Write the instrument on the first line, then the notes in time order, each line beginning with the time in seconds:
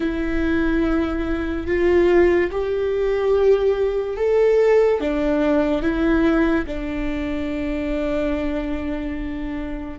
viola
0.00 E4
1.67 F4
2.51 G4
4.17 A4
5.00 D4
5.81 E4
6.66 D4